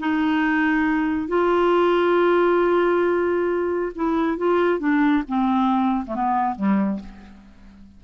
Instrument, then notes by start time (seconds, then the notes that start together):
clarinet
0.00 D#4
1.28 F4
3.96 E4
4.38 F4
4.80 D4
5.28 C4
6.07 A3
6.15 B3
6.56 G3